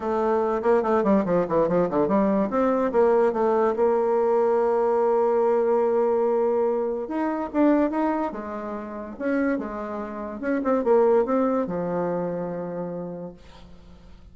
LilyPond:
\new Staff \with { instrumentName = "bassoon" } { \time 4/4 \tempo 4 = 144 a4. ais8 a8 g8 f8 e8 | f8 d8 g4 c'4 ais4 | a4 ais2.~ | ais1~ |
ais4 dis'4 d'4 dis'4 | gis2 cis'4 gis4~ | gis4 cis'8 c'8 ais4 c'4 | f1 | }